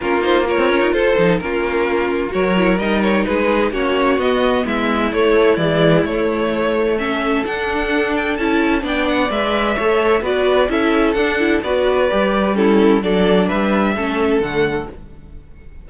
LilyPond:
<<
  \new Staff \with { instrumentName = "violin" } { \time 4/4 \tempo 4 = 129 ais'8 c''8 cis''4 c''4 ais'4~ | ais'4 cis''4 dis''8 cis''8 b'4 | cis''4 dis''4 e''4 cis''4 | d''4 cis''2 e''4 |
fis''4. g''8 a''4 g''8 fis''8 | e''2 d''4 e''4 | fis''4 d''2 a'4 | d''4 e''2 fis''4 | }
  \new Staff \with { instrumentName = "violin" } { \time 4/4 f'4 ais'4 a'4 f'4~ | f'4 ais'2 gis'4 | fis'2 e'2~ | e'2. a'4~ |
a'2. d''4~ | d''4 cis''4 b'4 a'4~ | a'4 b'2 e'4 | a'4 b'4 a'2 | }
  \new Staff \with { instrumentName = "viola" } { \time 4/4 cis'8 dis'8 f'4. dis'8 cis'4~ | cis'4 fis'8 e'8 dis'2 | cis'4 b2 a4 | gis4 a2 cis'4 |
d'2 e'4 d'4 | b'4 a'4 fis'4 e'4 | d'8 e'8 fis'4 g'4 cis'4 | d'2 cis'4 a4 | }
  \new Staff \with { instrumentName = "cello" } { \time 4/4 ais4~ ais16 c'16 cis'16 dis'16 f'8 f8 ais4~ | ais4 fis4 g4 gis4 | ais4 b4 gis4 a4 | e4 a2. |
d'2 cis'4 b4 | gis4 a4 b4 cis'4 | d'4 b4 g2 | fis4 g4 a4 d4 | }
>>